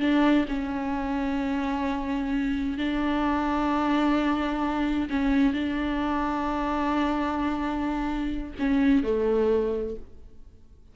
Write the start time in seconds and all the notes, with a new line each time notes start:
0.00 D4
0.48 C#4
2.78 D4
5.10 C#4
5.54 D4
8.59 C#4
9.04 A3